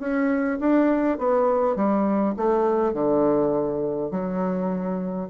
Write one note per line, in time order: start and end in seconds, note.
0.00 0.59 C#4
0.60 1.18 D4
1.18 1.76 B3
1.76 2.35 G3
2.37 2.94 A3
2.94 4.11 D3
4.11 5.29 F#3